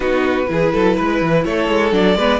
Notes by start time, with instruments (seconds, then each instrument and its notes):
0.00 cello B3, viola D#4, violin F#4 B4
0.47 cello E3, viola E4, violin G#4
0.73 cello F#3, violin A4
0.96 cello G#3, violin B4
1.21 cello E3
1.44 cello A3, violin A4 C#5
1.68 cello G#3
1.91 cello F#3, viola D4, violin D5
2.15 cello G#3, viola B3, violin B4